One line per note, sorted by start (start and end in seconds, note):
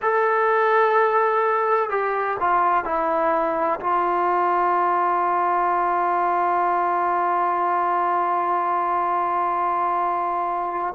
0.02 1.89 A4
1.89 2.37 G4
2.39 2.84 F4
2.84 3.79 E4
3.80 10.94 F4